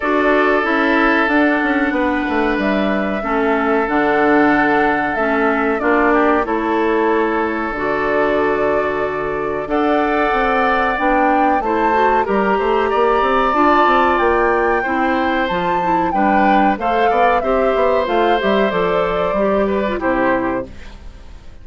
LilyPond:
<<
  \new Staff \with { instrumentName = "flute" } { \time 4/4 \tempo 4 = 93 d''4 e''4 fis''2 | e''2 fis''2 | e''4 d''4 cis''2 | d''2. fis''4~ |
fis''4 g''4 a''4 ais''4~ | ais''4 a''4 g''2 | a''4 g''4 f''4 e''4 | f''8 e''8 d''2 c''4 | }
  \new Staff \with { instrumentName = "oboe" } { \time 4/4 a'2. b'4~ | b'4 a'2.~ | a'4 f'8 g'8 a'2~ | a'2. d''4~ |
d''2 c''4 ais'8 c''8 | d''2. c''4~ | c''4 b'4 c''8 d''8 c''4~ | c''2~ c''8 b'8 g'4 | }
  \new Staff \with { instrumentName = "clarinet" } { \time 4/4 fis'4 e'4 d'2~ | d'4 cis'4 d'2 | cis'4 d'4 e'2 | fis'2. a'4~ |
a'4 d'4 e'8 fis'8 g'4~ | g'4 f'2 e'4 | f'8 e'8 d'4 a'4 g'4 | f'8 g'8 a'4 g'8. f'16 e'4 | }
  \new Staff \with { instrumentName = "bassoon" } { \time 4/4 d'4 cis'4 d'8 cis'8 b8 a8 | g4 a4 d2 | a4 ais4 a2 | d2. d'4 |
c'4 b4 a4 g8 a8 | ais8 c'8 d'8 c'8 ais4 c'4 | f4 g4 a8 b8 c'8 b8 | a8 g8 f4 g4 c4 | }
>>